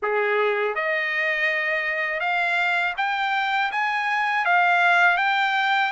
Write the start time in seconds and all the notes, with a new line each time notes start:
0.02 G#4
0.75 D#5
2.20 F5
2.97 G5
3.71 G#5
4.45 F5
5.17 G5